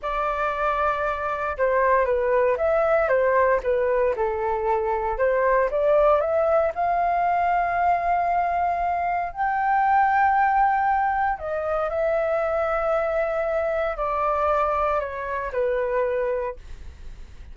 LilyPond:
\new Staff \with { instrumentName = "flute" } { \time 4/4 \tempo 4 = 116 d''2. c''4 | b'4 e''4 c''4 b'4 | a'2 c''4 d''4 | e''4 f''2.~ |
f''2 g''2~ | g''2 dis''4 e''4~ | e''2. d''4~ | d''4 cis''4 b'2 | }